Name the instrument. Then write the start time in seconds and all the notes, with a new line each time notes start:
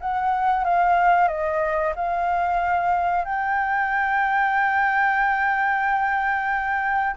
flute
0.00 F#5
0.64 F5
1.28 D#5
1.95 F5
3.24 G5